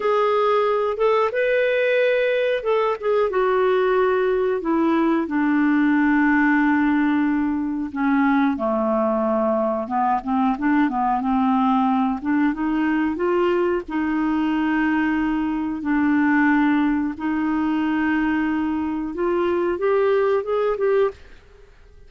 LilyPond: \new Staff \with { instrumentName = "clarinet" } { \time 4/4 \tempo 4 = 91 gis'4. a'8 b'2 | a'8 gis'8 fis'2 e'4 | d'1 | cis'4 a2 b8 c'8 |
d'8 b8 c'4. d'8 dis'4 | f'4 dis'2. | d'2 dis'2~ | dis'4 f'4 g'4 gis'8 g'8 | }